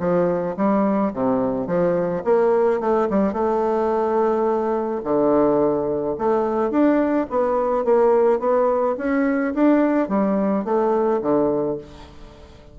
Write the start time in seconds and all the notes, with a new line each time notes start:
0.00 F3
0.57 G3
1.13 C3
1.67 F3
2.24 A#3
2.80 A3
3.10 G3
3.33 A3
5.04 D3
6.18 A3
6.71 D4
7.30 B3
7.85 A#3
8.40 B3
8.98 C#4
9.54 D4
10.09 G3
10.65 A3
11.22 D3